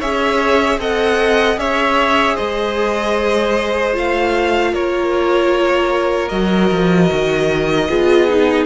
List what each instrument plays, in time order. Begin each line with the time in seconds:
0.00 cello C#4, viola G#4, violin C#5 E5
0.78 cello C4, viola A4, violin D#5 F#5
1.57 cello C#4, viola G#4, violin C#5 E5
2.35 cello G#3, violin C5 D#5
3.93 cello A3, viola F4, violin F5
4.73 cello A#3, violin A#4 C#5
6.29 cello F#3, viola F#4, violin D#5
6.71 cello F3
7.12 cello D#3
7.89 cello B3, viola F4, violin G#4
8.29 viola D#4